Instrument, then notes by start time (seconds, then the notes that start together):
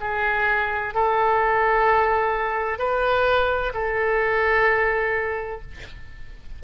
oboe
0.00 G#4
0.94 A4
2.79 B4
3.74 A4